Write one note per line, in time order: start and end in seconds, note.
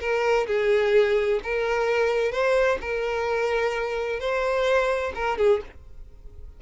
0.00 0.47 A#4
0.47 1.40 G#4
1.43 2.31 A#4
2.31 2.78 C5
2.81 4.19 A#4
4.19 5.12 C5
5.15 5.37 A#4
5.37 5.61 G#4